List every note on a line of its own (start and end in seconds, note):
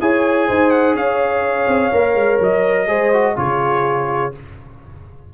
0.00 0.48 E4
0.00 1.92 G#4
0.00 0.47 C#5
0.00 0.70 G#5
0.47 0.94 D#4
0.47 0.95 C5
0.70 0.94 F#5
0.94 1.66 C#4
0.94 2.88 C#5
0.94 2.40 F5
1.67 1.91 C4
1.92 2.15 A#3
1.92 2.87 A#4
2.15 2.39 G#3
2.40 2.88 F#3
2.40 3.37 D#5
2.87 3.36 G#3
2.87 3.11 G#4
2.87 3.36 C5
3.13 3.36 F#4
3.36 4.33 C#3
3.36 4.32 F4
3.36 4.33 G#4
3.36 4.33 C#5